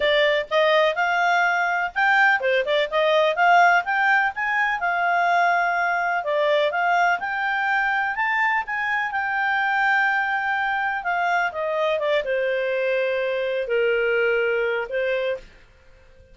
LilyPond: \new Staff \with { instrumentName = "clarinet" } { \time 4/4 \tempo 4 = 125 d''4 dis''4 f''2 | g''4 c''8 d''8 dis''4 f''4 | g''4 gis''4 f''2~ | f''4 d''4 f''4 g''4~ |
g''4 a''4 gis''4 g''4~ | g''2. f''4 | dis''4 d''8 c''2~ c''8~ | c''8 ais'2~ ais'8 c''4 | }